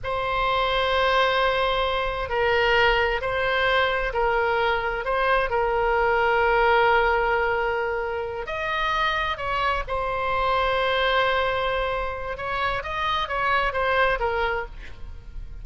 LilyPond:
\new Staff \with { instrumentName = "oboe" } { \time 4/4 \tempo 4 = 131 c''1~ | c''4 ais'2 c''4~ | c''4 ais'2 c''4 | ais'1~ |
ais'2~ ais'8 dis''4.~ | dis''8 cis''4 c''2~ c''8~ | c''2. cis''4 | dis''4 cis''4 c''4 ais'4 | }